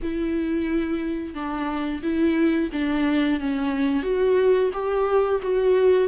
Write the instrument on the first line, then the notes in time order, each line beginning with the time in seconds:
viola
0.02 E4
1.34 D4
2.02 E4
2.72 D4
3.40 C#4
4.02 F#4
4.73 G4
5.42 F#4